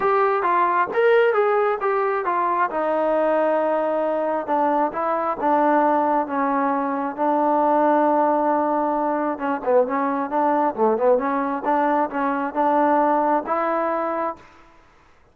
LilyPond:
\new Staff \with { instrumentName = "trombone" } { \time 4/4 \tempo 4 = 134 g'4 f'4 ais'4 gis'4 | g'4 f'4 dis'2~ | dis'2 d'4 e'4 | d'2 cis'2 |
d'1~ | d'4 cis'8 b8 cis'4 d'4 | a8 b8 cis'4 d'4 cis'4 | d'2 e'2 | }